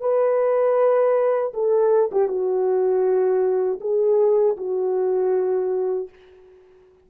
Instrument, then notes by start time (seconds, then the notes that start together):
horn
0.00 B4
1.54 A4
2.12 G4
2.28 F#4
3.80 G#4
4.57 F#4